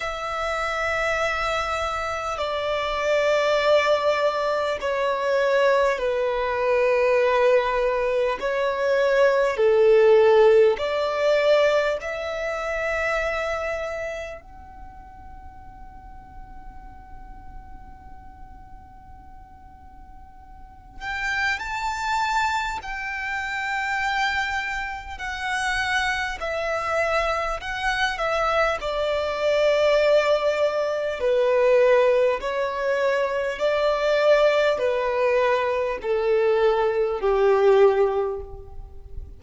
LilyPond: \new Staff \with { instrumentName = "violin" } { \time 4/4 \tempo 4 = 50 e''2 d''2 | cis''4 b'2 cis''4 | a'4 d''4 e''2 | fis''1~ |
fis''4. g''8 a''4 g''4~ | g''4 fis''4 e''4 fis''8 e''8 | d''2 b'4 cis''4 | d''4 b'4 a'4 g'4 | }